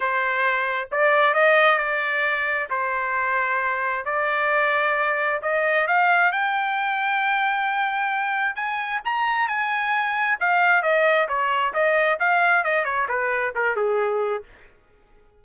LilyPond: \new Staff \with { instrumentName = "trumpet" } { \time 4/4 \tempo 4 = 133 c''2 d''4 dis''4 | d''2 c''2~ | c''4 d''2. | dis''4 f''4 g''2~ |
g''2. gis''4 | ais''4 gis''2 f''4 | dis''4 cis''4 dis''4 f''4 | dis''8 cis''8 b'4 ais'8 gis'4. | }